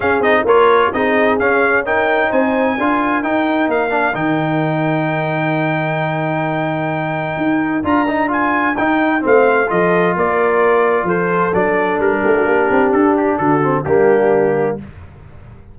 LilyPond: <<
  \new Staff \with { instrumentName = "trumpet" } { \time 4/4 \tempo 4 = 130 f''8 dis''8 cis''4 dis''4 f''4 | g''4 gis''2 g''4 | f''4 g''2.~ | g''1~ |
g''4 ais''4 gis''4 g''4 | f''4 dis''4 d''2 | c''4 d''4 ais'2 | a'8 g'8 a'4 g'2 | }
  \new Staff \with { instrumentName = "horn" } { \time 4/4 gis'4 ais'4 gis'2 | ais'4 c''4 ais'2~ | ais'1~ | ais'1~ |
ais'1 | c''4 a'4 ais'2 | a'2~ a'8 g'16 fis'16 g'4~ | g'4 fis'4 d'2 | }
  \new Staff \with { instrumentName = "trombone" } { \time 4/4 cis'8 dis'8 f'4 dis'4 cis'4 | dis'2 f'4 dis'4~ | dis'8 d'8 dis'2.~ | dis'1~ |
dis'4 f'8 dis'8 f'4 dis'4 | c'4 f'2.~ | f'4 d'2.~ | d'4. c'8 ais2 | }
  \new Staff \with { instrumentName = "tuba" } { \time 4/4 cis'8 c'8 ais4 c'4 cis'4~ | cis'4 c'4 d'4 dis'4 | ais4 dis2.~ | dis1 |
dis'4 d'2 dis'4 | a4 f4 ais2 | f4 fis4 g8 a8 ais8 c'8 | d'4 d4 g2 | }
>>